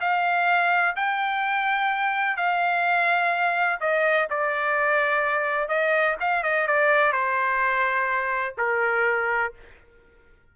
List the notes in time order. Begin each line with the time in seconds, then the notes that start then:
0.00 F5
0.96 G5
2.36 F5
3.80 D#5
4.30 D5
5.68 D#5
6.20 F5
6.43 D#5
6.67 D5
7.12 C5
8.58 A#4